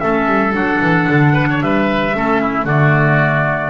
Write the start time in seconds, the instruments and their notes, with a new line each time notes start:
0.00 double bass A3, clarinet C#4, oboe A4, trumpet E5
0.27 double bass G3
0.52 double bass F#3, clarinet D4, trumpet F#5
0.81 double bass E3
1.10 double bass D3
1.34 oboe B4
1.51 oboe C#5
1.62 double bass G3, oboe B4, trumpet E5
2.14 double bass A3, clarinet C#4, oboe A4
2.41 oboe E4
2.65 double bass D3, clarinet A3, oboe F#4, trumpet D5